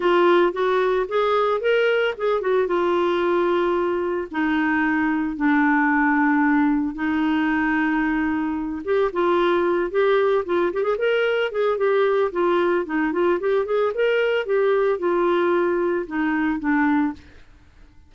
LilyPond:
\new Staff \with { instrumentName = "clarinet" } { \time 4/4 \tempo 4 = 112 f'4 fis'4 gis'4 ais'4 | gis'8 fis'8 f'2. | dis'2 d'2~ | d'4 dis'2.~ |
dis'8 g'8 f'4. g'4 f'8 | g'16 gis'16 ais'4 gis'8 g'4 f'4 | dis'8 f'8 g'8 gis'8 ais'4 g'4 | f'2 dis'4 d'4 | }